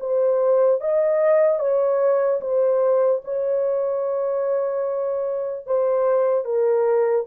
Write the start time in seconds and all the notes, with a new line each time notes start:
0.00 C5
0.80 D#5
1.59 C#5
2.41 C5
3.24 C#5
5.66 C5
6.45 A#4